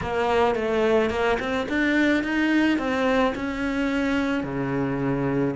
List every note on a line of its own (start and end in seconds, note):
0.01 0.55 A#3
0.55 1.10 A3
1.10 1.37 A#3
1.39 1.67 C4
1.68 2.23 D4
2.23 2.78 D#4
2.78 3.33 C4
3.35 4.43 C#4
4.43 5.54 C#3